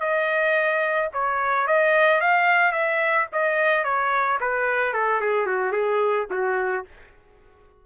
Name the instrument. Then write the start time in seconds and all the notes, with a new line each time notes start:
trumpet
0.00 D#5
1.14 C#5
1.68 D#5
2.21 F5
2.72 E5
3.32 D#5
3.84 C#5
4.40 B4
4.94 A4
5.21 G#4
5.47 F#4
5.72 G#4
6.30 F#4